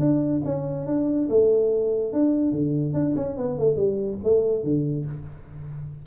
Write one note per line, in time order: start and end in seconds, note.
0.00 0.42 D4
0.45 0.87 C#4
0.87 1.29 D4
1.29 2.13 A3
2.13 2.53 D4
2.53 2.94 D3
2.94 3.15 D4
3.17 3.38 C#4
3.38 3.59 B3
3.59 3.77 A3
3.77 4.19 G3
4.24 4.64 A3
4.64 5.06 D3